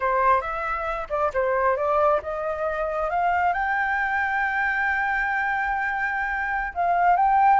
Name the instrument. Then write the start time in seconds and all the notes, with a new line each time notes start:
flute
0.00 C5
0.41 E5
1.09 D5
1.33 C5
1.76 D5
2.22 D#5
3.10 F5
3.53 G5
6.74 F5
7.16 G5